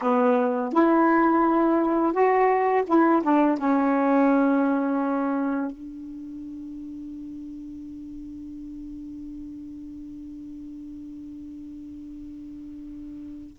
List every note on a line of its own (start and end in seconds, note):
0.01 0.72 B3
0.72 2.12 E4
2.12 2.84 F#4
2.86 3.22 E4
3.22 3.58 D4
3.58 5.71 C#4
5.71 13.57 D4